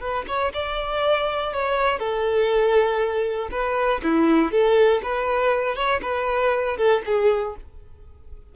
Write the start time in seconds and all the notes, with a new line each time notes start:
0.00 B4
0.27 C#5
0.53 D5
1.53 C#5
1.99 A4
3.51 B4
4.03 E4
4.51 A4
5.02 B4
5.75 C#5
6.02 B4
6.77 A4
7.05 G#4